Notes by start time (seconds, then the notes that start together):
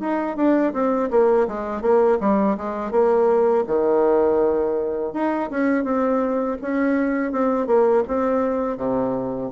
0.00 D#4
0.36 D4
0.73 C4
1.10 A#3
1.48 G#3
1.82 A#3
2.21 G3
2.57 G#3
2.91 A#3
3.67 D#3
5.13 D#4
5.50 C#4
5.84 C4
6.62 C#4
7.32 C4
7.67 A#3
8.08 C4
8.77 C3